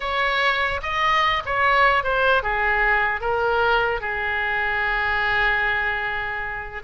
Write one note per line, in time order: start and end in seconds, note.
0.00 0.81 C#5
0.82 1.42 D#5
1.45 2.03 C#5
2.03 2.42 C5
2.42 3.20 G#4
3.20 4.00 A#4
4.00 6.82 G#4